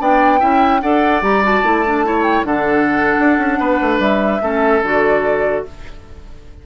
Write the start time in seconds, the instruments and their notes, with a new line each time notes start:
0.00 bassoon B3, clarinet D4, oboe D5, flute G5
0.39 bassoon C#4, clarinet E4, oboe E5
0.81 bassoon D4, clarinet A4, oboe D5, flute F#5
1.21 bassoon G3, clarinet G4, flute A#5
1.43 clarinet F#4, flute A5
1.63 bassoon A3, clarinet E4
1.86 clarinet D4
2.05 clarinet E4, oboe C#5
2.23 flute G5
2.44 bassoon D3, clarinet D4, oboe A4, flute F#5
3.20 bassoon D4
3.38 bassoon C#4
3.59 bassoon B3, oboe B4
3.82 bassoon A3
3.99 bassoon G3, flute E5
4.42 bassoon A3, clarinet C#4, oboe A4
4.82 bassoon D3, clarinet F#4, flute D5